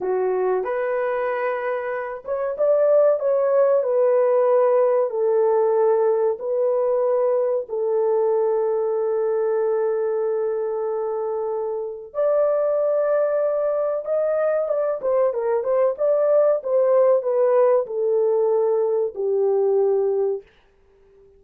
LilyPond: \new Staff \with { instrumentName = "horn" } { \time 4/4 \tempo 4 = 94 fis'4 b'2~ b'8 cis''8 | d''4 cis''4 b'2 | a'2 b'2 | a'1~ |
a'2. d''4~ | d''2 dis''4 d''8 c''8 | ais'8 c''8 d''4 c''4 b'4 | a'2 g'2 | }